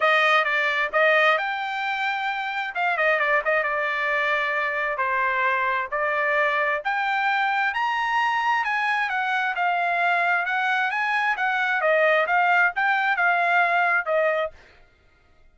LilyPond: \new Staff \with { instrumentName = "trumpet" } { \time 4/4 \tempo 4 = 132 dis''4 d''4 dis''4 g''4~ | g''2 f''8 dis''8 d''8 dis''8 | d''2. c''4~ | c''4 d''2 g''4~ |
g''4 ais''2 gis''4 | fis''4 f''2 fis''4 | gis''4 fis''4 dis''4 f''4 | g''4 f''2 dis''4 | }